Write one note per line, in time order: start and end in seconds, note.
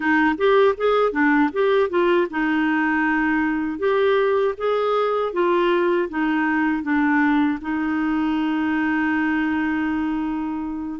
0.00 0.35 D#4
0.37 0.75 G4
0.77 1.12 G#4
1.12 1.49 D4
1.52 1.89 G4
1.89 2.27 F4
2.30 3.78 D#4
3.78 4.54 G4
4.57 5.33 G#4
5.33 6.09 F4
6.09 6.82 D#4
6.82 7.58 D4
7.61 11.00 D#4